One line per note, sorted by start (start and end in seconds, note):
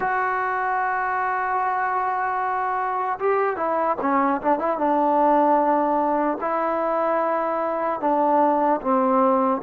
0.00 3.19 F#4
3.19 3.56 G4
3.56 3.96 E4
4.01 4.41 C#4
4.41 4.59 D4
4.59 4.78 E4
4.78 6.38 D4
6.40 8.00 E4
8.00 8.80 D4
8.81 9.61 C4